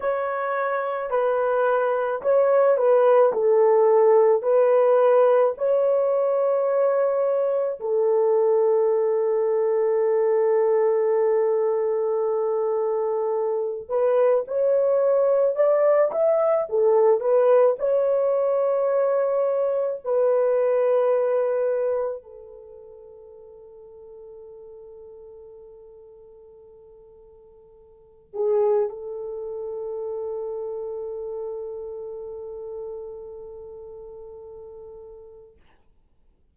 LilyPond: \new Staff \with { instrumentName = "horn" } { \time 4/4 \tempo 4 = 54 cis''4 b'4 cis''8 b'8 a'4 | b'4 cis''2 a'4~ | a'1~ | a'8 b'8 cis''4 d''8 e''8 a'8 b'8 |
cis''2 b'2 | a'1~ | a'4. gis'8 a'2~ | a'1 | }